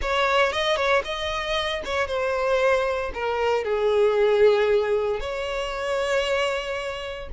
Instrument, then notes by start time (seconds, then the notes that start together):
violin
0.01 C#5
0.52 D#5
0.76 C#5
1.04 D#5
1.85 C#5
2.07 C5
3.14 A#4
3.64 G#4
5.20 C#5